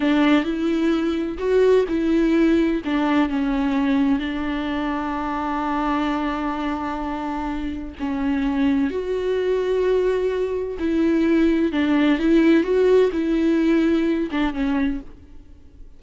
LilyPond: \new Staff \with { instrumentName = "viola" } { \time 4/4 \tempo 4 = 128 d'4 e'2 fis'4 | e'2 d'4 cis'4~ | cis'4 d'2.~ | d'1~ |
d'4 cis'2 fis'4~ | fis'2. e'4~ | e'4 d'4 e'4 fis'4 | e'2~ e'8 d'8 cis'4 | }